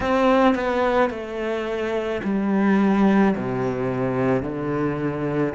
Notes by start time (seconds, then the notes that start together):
0.00 C4
0.55 B3
1.10 A3
2.23 G3
3.36 C3
4.42 D3